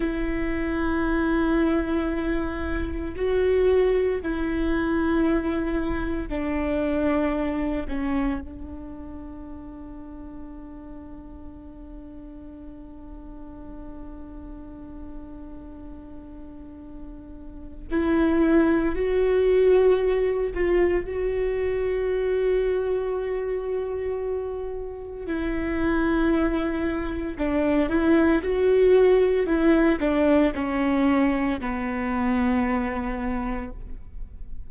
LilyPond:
\new Staff \with { instrumentName = "viola" } { \time 4/4 \tempo 4 = 57 e'2. fis'4 | e'2 d'4. cis'8 | d'1~ | d'1~ |
d'4 e'4 fis'4. f'8 | fis'1 | e'2 d'8 e'8 fis'4 | e'8 d'8 cis'4 b2 | }